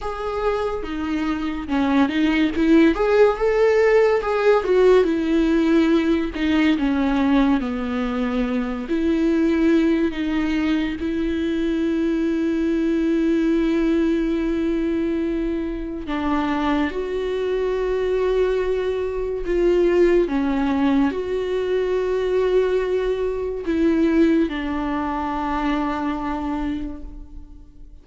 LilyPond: \new Staff \with { instrumentName = "viola" } { \time 4/4 \tempo 4 = 71 gis'4 dis'4 cis'8 dis'8 e'8 gis'8 | a'4 gis'8 fis'8 e'4. dis'8 | cis'4 b4. e'4. | dis'4 e'2.~ |
e'2. d'4 | fis'2. f'4 | cis'4 fis'2. | e'4 d'2. | }